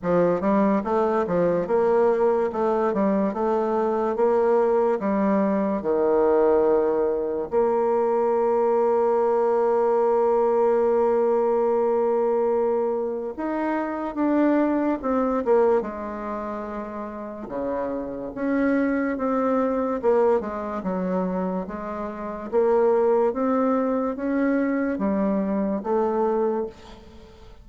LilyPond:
\new Staff \with { instrumentName = "bassoon" } { \time 4/4 \tempo 4 = 72 f8 g8 a8 f8 ais4 a8 g8 | a4 ais4 g4 dis4~ | dis4 ais2.~ | ais1 |
dis'4 d'4 c'8 ais8 gis4~ | gis4 cis4 cis'4 c'4 | ais8 gis8 fis4 gis4 ais4 | c'4 cis'4 g4 a4 | }